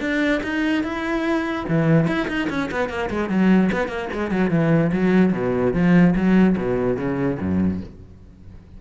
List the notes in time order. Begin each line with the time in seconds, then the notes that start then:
0.00 D4
0.43 D#4
0.83 E4
1.68 E3
2.07 E4
2.28 D#4
2.49 C#4
2.71 B3
2.89 A#3
3.10 G#3
3.29 F#3
3.72 B3
3.88 A#3
4.13 G#3
4.30 F#3
4.50 E3
4.92 F#3
5.33 B2
5.73 F3
6.15 F#3
6.57 B2
6.97 C#3
7.40 F#2